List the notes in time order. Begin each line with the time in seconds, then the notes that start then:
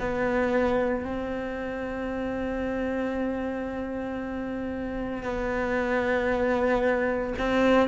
0.00 B3
1.04 C4
5.23 B3
7.39 C4